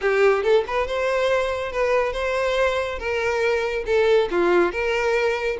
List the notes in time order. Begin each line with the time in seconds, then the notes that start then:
0.01 G4
0.43 A4
0.67 B4
0.87 C5
1.72 B4
2.13 C5
2.98 A#4
3.86 A4
4.30 F4
4.71 A#4